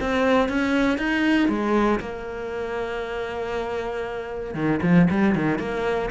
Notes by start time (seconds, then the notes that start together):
0.00 C4
0.48 C#4
0.98 D#4
1.48 G#3
2.00 A#3
4.54 D#3
4.82 F3
5.10 G3
5.35 D#3
5.58 A#3